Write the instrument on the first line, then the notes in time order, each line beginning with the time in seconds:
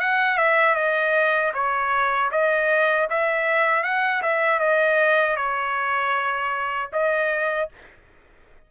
trumpet
0.00 F#5
0.38 E5
0.76 D#5
1.54 C#5
2.32 D#5
3.10 E5
3.84 F#5
4.23 E5
4.60 D#5
5.37 C#5
6.93 D#5